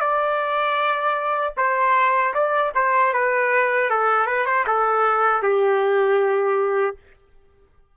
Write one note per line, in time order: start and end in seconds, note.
0.00 1.54 D5
1.57 2.34 C5
2.34 2.72 D5
2.75 3.13 C5
3.13 3.90 B4
3.90 4.26 A4
4.26 4.45 B4
4.45 4.65 C5
4.67 5.42 A4
5.42 6.96 G4